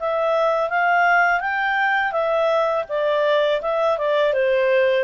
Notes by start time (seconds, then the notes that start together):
0.00 E5
0.70 F5
1.41 G5
2.12 E5
2.89 D5
3.62 E5
3.98 D5
4.34 C5